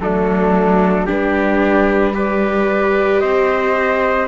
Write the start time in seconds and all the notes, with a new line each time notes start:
0.00 F#3 A3 D4 A4
1.06 G3 D4 G4 B4
2.14 G4 B4 D5
3.20 C4 C5 D#5